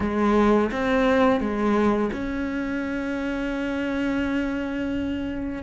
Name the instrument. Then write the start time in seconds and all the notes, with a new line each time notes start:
cello
0.00 G#3
0.71 C4
1.40 G#3
2.12 C#4